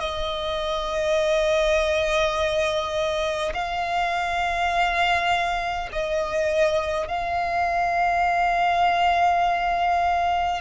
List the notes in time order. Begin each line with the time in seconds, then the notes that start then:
0.00 D#5
3.54 F5
5.93 D#5
7.08 F5